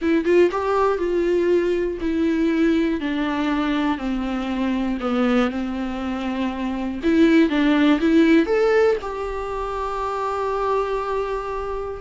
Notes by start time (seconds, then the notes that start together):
0.01 E4
0.25 F4
0.51 G4
0.97 F4
2.00 E4
3.00 D4
3.97 C4
5.00 B3
5.50 C4
7.03 E4
7.49 D4
8.00 E4
8.45 A4
9.01 G4